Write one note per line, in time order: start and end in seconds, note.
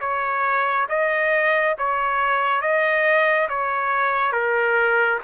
0.00 0.87 C#5
0.89 1.75 D#5
1.78 2.61 C#5
2.61 3.48 D#5
3.49 4.32 C#5
4.32 5.19 A#4